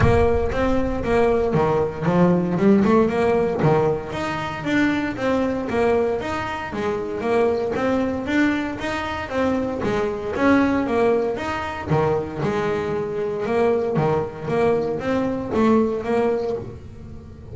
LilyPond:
\new Staff \with { instrumentName = "double bass" } { \time 4/4 \tempo 4 = 116 ais4 c'4 ais4 dis4 | f4 g8 a8 ais4 dis4 | dis'4 d'4 c'4 ais4 | dis'4 gis4 ais4 c'4 |
d'4 dis'4 c'4 gis4 | cis'4 ais4 dis'4 dis4 | gis2 ais4 dis4 | ais4 c'4 a4 ais4 | }